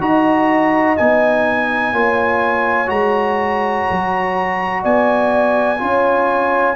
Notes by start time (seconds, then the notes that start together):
0.00 D#4 F#4 D#5 A#5
0.97 B3 D#4 G#5
1.92 A#3 F4 C#5
2.87 G#3 F#4 A#5
3.91 F#3
4.83 B3 D5 G#5
5.78 C#4 F4 C#5